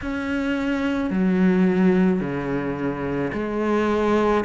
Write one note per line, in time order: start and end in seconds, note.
0.02 1.10 C#4
1.10 2.20 F#3
2.20 3.31 C#3
3.33 4.44 G#3